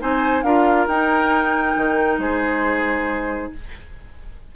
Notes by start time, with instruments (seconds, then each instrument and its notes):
0.00 bassoon C4, clarinet D#4, oboe C5, flute G#5
0.43 bassoon D4, clarinet F4, oboe A#4, flute F5
0.87 bassoon D#4, clarinet D#4, flute G5
1.77 bassoon D#3
2.19 bassoon G#3, oboe G#4, flute C5